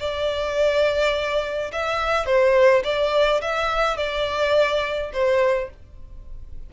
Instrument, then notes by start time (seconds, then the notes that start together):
violin
0.00 D5
1.72 E5
2.25 C5
2.84 D5
3.41 E5
3.97 D5
5.13 C5